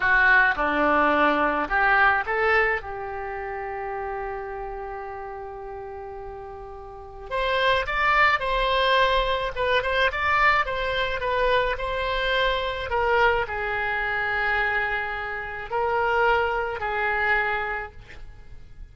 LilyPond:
\new Staff \with { instrumentName = "oboe" } { \time 4/4 \tempo 4 = 107 fis'4 d'2 g'4 | a'4 g'2.~ | g'1~ | g'4 c''4 d''4 c''4~ |
c''4 b'8 c''8 d''4 c''4 | b'4 c''2 ais'4 | gis'1 | ais'2 gis'2 | }